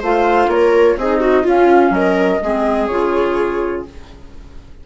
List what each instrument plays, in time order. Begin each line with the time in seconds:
0.00 bassoon A3, clarinet F4, viola C5, flute F5
0.47 bassoon A#3, viola A#4, flute C#5
0.97 bassoon C4, clarinet D#4, viola G#4, flute D#5
1.20 viola F#4
1.43 bassoon C#4, clarinet C#4, viola F4, flute F5
1.90 bassoon F#3, viola A#4, flute D#5
2.42 bassoon G#3, clarinet C4, viola G#4
2.86 bassoon C#3, clarinet F4, flute C#5